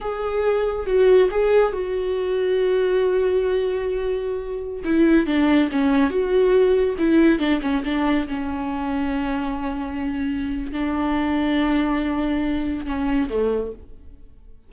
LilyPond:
\new Staff \with { instrumentName = "viola" } { \time 4/4 \tempo 4 = 140 gis'2 fis'4 gis'4 | fis'1~ | fis'2.~ fis'16 e'8.~ | e'16 d'4 cis'4 fis'4.~ fis'16~ |
fis'16 e'4 d'8 cis'8 d'4 cis'8.~ | cis'1~ | cis'4 d'2.~ | d'2 cis'4 a4 | }